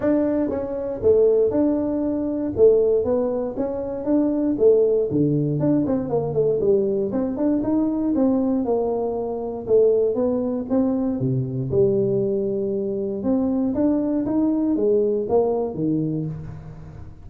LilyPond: \new Staff \with { instrumentName = "tuba" } { \time 4/4 \tempo 4 = 118 d'4 cis'4 a4 d'4~ | d'4 a4 b4 cis'4 | d'4 a4 d4 d'8 c'8 | ais8 a8 g4 c'8 d'8 dis'4 |
c'4 ais2 a4 | b4 c'4 c4 g4~ | g2 c'4 d'4 | dis'4 gis4 ais4 dis4 | }